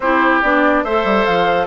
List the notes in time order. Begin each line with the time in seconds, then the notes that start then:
0.00 C4 E4 G4 C5
0.42 B3 D4 D5
0.83 A3 A4 C5 E5
1.04 G3
1.25 F3 F5